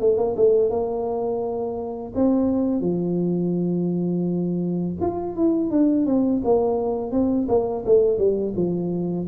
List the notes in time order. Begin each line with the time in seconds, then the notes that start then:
0.00 A3
0.18 A#3
0.37 A3
0.70 A#3
2.15 C4
2.81 F3
5.01 F4
5.36 E4
5.71 D4
6.06 C4
6.44 A#3
7.12 C4
7.49 A#3
7.86 A3
8.18 G3
8.56 F3